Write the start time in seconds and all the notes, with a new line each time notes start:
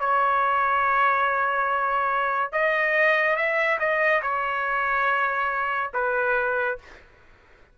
0.00 C#5
2.52 D#5
3.36 E5
3.80 D#5
4.22 C#5
5.94 B4